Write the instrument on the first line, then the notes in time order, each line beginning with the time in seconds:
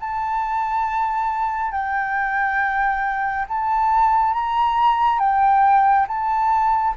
flute
0.00 A5
1.72 G5
3.49 A5
4.34 A#5
5.19 G5
6.08 A5